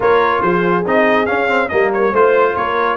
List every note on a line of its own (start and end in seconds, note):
0.00 0.41 A#3
0.00 0.83 F4
0.00 0.40 A#4
0.00 0.42 C#5
0.41 0.84 F3
0.41 1.70 G#4
0.41 0.84 C5
0.86 1.29 C4
0.86 1.27 D#4
0.86 1.26 D#5
1.26 1.47 C#4
1.26 1.71 C#4
1.26 1.68 F5
1.47 1.69 C4
1.68 2.12 G3
1.68 2.13 A#3
1.68 2.11 A#4
1.68 1.90 D#5
1.93 2.14 C#5
2.11 2.55 A3
2.11 2.97 F4
2.11 2.54 C5
2.11 2.56 C5
2.55 2.97 A#3
2.55 2.97 A#4
2.55 2.97 C#5